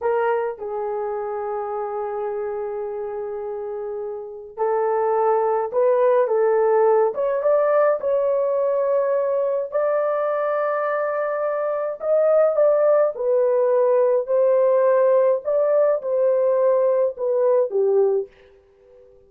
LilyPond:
\new Staff \with { instrumentName = "horn" } { \time 4/4 \tempo 4 = 105 ais'4 gis'2.~ | gis'1 | a'2 b'4 a'4~ | a'8 cis''8 d''4 cis''2~ |
cis''4 d''2.~ | d''4 dis''4 d''4 b'4~ | b'4 c''2 d''4 | c''2 b'4 g'4 | }